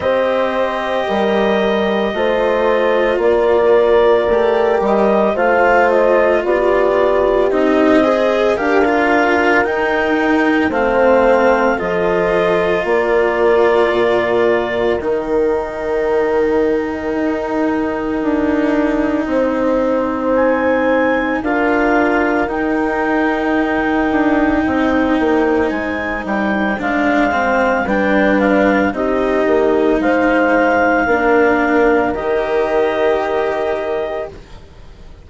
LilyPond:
<<
  \new Staff \with { instrumentName = "clarinet" } { \time 4/4 \tempo 4 = 56 dis''2. d''4~ | d''8 dis''8 f''8 dis''8 d''4 dis''4 | f''4 g''4 f''4 dis''4 | d''2 g''2~ |
g''2. gis''4 | f''4 g''2. | gis''8 g''8 f''4 g''8 f''8 dis''4 | f''2 dis''2 | }
  \new Staff \with { instrumentName = "horn" } { \time 4/4 c''4 ais'4 c''4 ais'4~ | ais'4 c''4 g'4. c''8 | ais'2 c''4 a'4 | ais'1~ |
ais'2 c''2 | ais'2. c''4~ | c''2 b'4 g'4 | c''4 ais'2. | }
  \new Staff \with { instrumentName = "cello" } { \time 4/4 g'2 f'2 | g'4 f'2 dis'8 gis'8 | g'16 f'8. dis'4 c'4 f'4~ | f'2 dis'2~ |
dis'1 | f'4 dis'2.~ | dis'4 d'8 c'8 d'4 dis'4~ | dis'4 d'4 g'2 | }
  \new Staff \with { instrumentName = "bassoon" } { \time 4/4 c'4 g4 a4 ais4 | a8 g8 a4 b4 c'4 | d'4 dis'4 a4 f4 | ais4 ais,4 dis2 |
dis'4 d'4 c'2 | d'4 dis'4. d'8 c'8 ais8 | gis8 g8 gis4 g4 c'8 ais8 | gis4 ais4 dis2 | }
>>